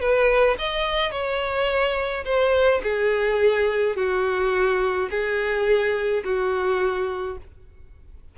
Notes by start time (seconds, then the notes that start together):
0.00 B4
0.58 D#5
1.11 C#5
2.24 C5
2.83 G#4
3.96 F#4
5.10 G#4
6.24 F#4